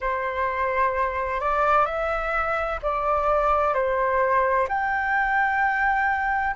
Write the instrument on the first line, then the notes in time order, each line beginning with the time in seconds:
flute
0.00 C5
1.40 D5
1.85 E5
2.82 D5
3.73 C5
4.68 G5